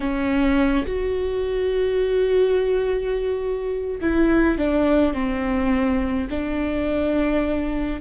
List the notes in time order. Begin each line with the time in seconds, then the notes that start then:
0.00 C#4
0.86 F#4
4.01 E4
4.58 D4
5.13 C4
6.29 D4